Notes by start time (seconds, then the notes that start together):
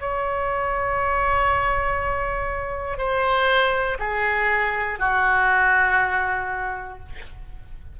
0.00 C#5
2.98 C5
4.00 G#4
4.99 F#4